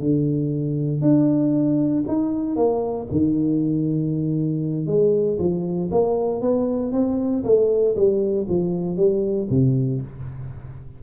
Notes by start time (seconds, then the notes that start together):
0.00 D3
1.02 D4
2.08 D#4
2.56 A#3
3.11 D#3
4.87 G#3
5.39 F3
5.91 A#3
6.41 B3
6.92 C4
7.44 A3
7.96 G3
8.49 F3
8.97 G3
9.50 C3